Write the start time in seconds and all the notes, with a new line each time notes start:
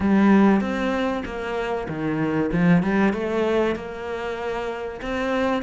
0.00 G3
0.61 C4
1.25 A#3
1.88 D#3
2.51 F3
2.82 G3
3.13 A3
3.75 A#3
5.01 C4